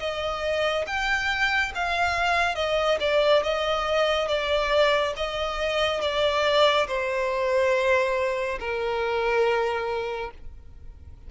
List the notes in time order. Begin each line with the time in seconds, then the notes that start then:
0.00 D#5
0.87 G5
1.75 F5
2.55 D#5
3.00 D5
3.44 D#5
4.28 D5
5.17 D#5
6.01 D5
6.87 C5
8.59 A#4